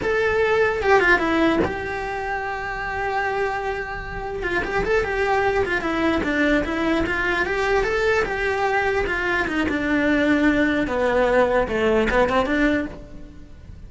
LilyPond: \new Staff \with { instrumentName = "cello" } { \time 4/4 \tempo 4 = 149 a'2 g'8 f'8 e'4 | g'1~ | g'2. f'8 g'8 | a'8 g'4. f'8 e'4 d'8~ |
d'8 e'4 f'4 g'4 a'8~ | a'8 g'2 f'4 dis'8 | d'2. b4~ | b4 a4 b8 c'8 d'4 | }